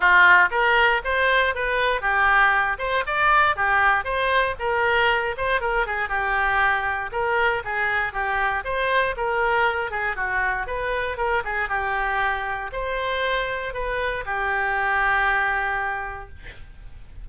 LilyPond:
\new Staff \with { instrumentName = "oboe" } { \time 4/4 \tempo 4 = 118 f'4 ais'4 c''4 b'4 | g'4. c''8 d''4 g'4 | c''4 ais'4. c''8 ais'8 gis'8 | g'2 ais'4 gis'4 |
g'4 c''4 ais'4. gis'8 | fis'4 b'4 ais'8 gis'8 g'4~ | g'4 c''2 b'4 | g'1 | }